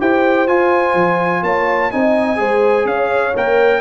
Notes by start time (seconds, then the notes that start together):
0.00 E4 G4 C5 G5
0.47 F4 G#5
0.94 F3
1.42 A#3 C#5 A5
1.91 C4 D#4 D#5 G#5
2.36 G#3 G#4 C5
2.85 C#4 C#5 F5
3.35 A#3 A#4 G5